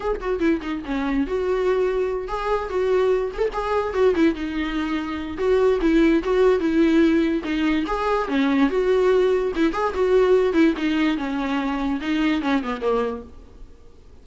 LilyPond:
\new Staff \with { instrumentName = "viola" } { \time 4/4 \tempo 4 = 145 gis'8 fis'8 e'8 dis'8 cis'4 fis'4~ | fis'4. gis'4 fis'4. | gis'16 a'16 gis'4 fis'8 e'8 dis'4.~ | dis'4 fis'4 e'4 fis'4 |
e'2 dis'4 gis'4 | cis'4 fis'2 e'8 gis'8 | fis'4. e'8 dis'4 cis'4~ | cis'4 dis'4 cis'8 b8 ais4 | }